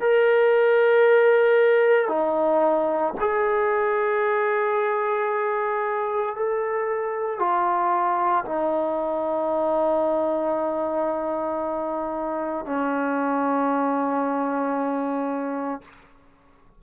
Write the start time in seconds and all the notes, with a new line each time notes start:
0.00 A#4
2.08 D#4
3.20 G#4
6.35 A4
7.39 F4
8.44 D#4
12.65 C#4